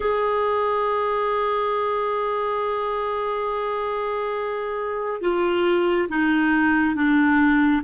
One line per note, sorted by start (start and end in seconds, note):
0.00 5.21 G#4
5.21 6.08 F4
6.09 6.95 D#4
6.95 7.82 D4